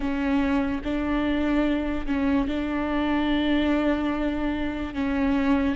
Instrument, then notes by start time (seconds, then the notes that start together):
viola
0.00 C#4
0.84 D4
2.06 C#4
2.47 D4
4.94 C#4